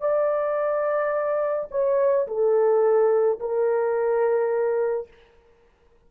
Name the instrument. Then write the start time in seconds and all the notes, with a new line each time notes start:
horn
0.00 D5
1.71 C#5
2.27 A4
3.39 A#4